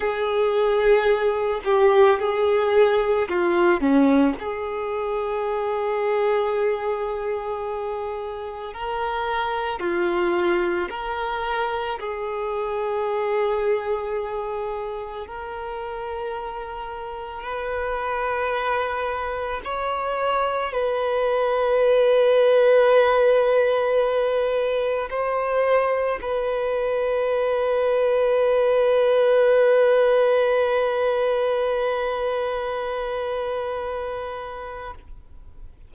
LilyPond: \new Staff \with { instrumentName = "violin" } { \time 4/4 \tempo 4 = 55 gis'4. g'8 gis'4 f'8 cis'8 | gis'1 | ais'4 f'4 ais'4 gis'4~ | gis'2 ais'2 |
b'2 cis''4 b'4~ | b'2. c''4 | b'1~ | b'1 | }